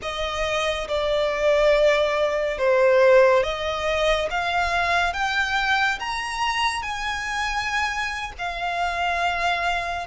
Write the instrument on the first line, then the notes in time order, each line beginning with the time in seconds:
violin
0.02 D#5
0.88 D5
2.58 C5
3.43 D#5
4.30 F5
5.13 G5
5.99 A#5
6.82 G#5
8.38 F5